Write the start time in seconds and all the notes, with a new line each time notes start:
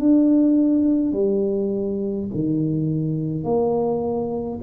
0.00 D4
1.13 G3
2.34 D#3
3.44 A#3